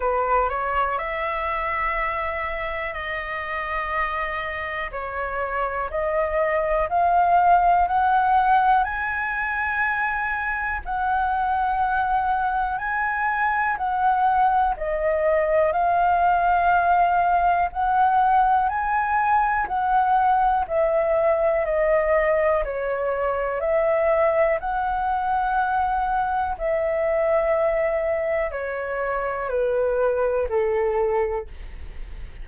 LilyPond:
\new Staff \with { instrumentName = "flute" } { \time 4/4 \tempo 4 = 61 b'8 cis''8 e''2 dis''4~ | dis''4 cis''4 dis''4 f''4 | fis''4 gis''2 fis''4~ | fis''4 gis''4 fis''4 dis''4 |
f''2 fis''4 gis''4 | fis''4 e''4 dis''4 cis''4 | e''4 fis''2 e''4~ | e''4 cis''4 b'4 a'4 | }